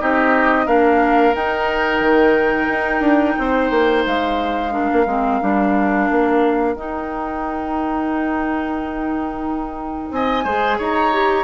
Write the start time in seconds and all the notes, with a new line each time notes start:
0.00 C4 D#4 G4 D#5
0.66 A#3 D4 A#4 F5
1.35 D#4 G5
2.00 D#3
2.68 D#4
3.00 D4
3.39 C4 C5
3.71 A#3
4.06 G#3 F5
4.71 D4 A#4
4.92 A#3
5.06 G#3 C4
5.41 G3 D4
6.10 A#3
6.75 D#4 G5
10.11 C4 D#5 G#5
10.44 G#3 G#4 C5
10.78 D#4 C#5 A#5
11.13 G4